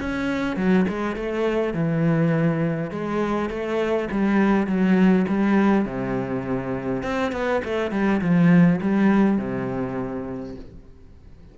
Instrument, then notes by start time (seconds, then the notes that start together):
cello
0.00 C#4
0.57 F#3
0.89 G#3
1.16 A3
1.74 E3
2.91 G#3
3.50 A3
4.11 G3
4.67 F#3
5.28 G3
5.85 C3
7.03 C4
7.32 B3
7.64 A3
7.91 G3
8.21 F3
8.81 G3
9.38 C3